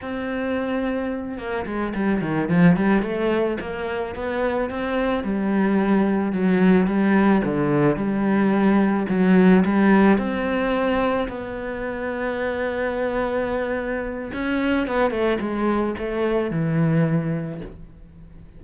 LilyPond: \new Staff \with { instrumentName = "cello" } { \time 4/4 \tempo 4 = 109 c'2~ c'8 ais8 gis8 g8 | dis8 f8 g8 a4 ais4 b8~ | b8 c'4 g2 fis8~ | fis8 g4 d4 g4.~ |
g8 fis4 g4 c'4.~ | c'8 b2.~ b8~ | b2 cis'4 b8 a8 | gis4 a4 e2 | }